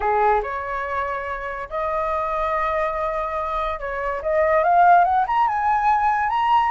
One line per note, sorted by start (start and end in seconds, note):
0.00 0.41 G#4
0.43 1.68 C#5
1.69 3.79 D#5
3.79 4.21 C#5
4.22 4.63 D#5
4.63 5.04 F5
5.04 5.25 F#5
5.27 5.47 A#5
5.47 6.29 G#5
6.29 6.71 A#5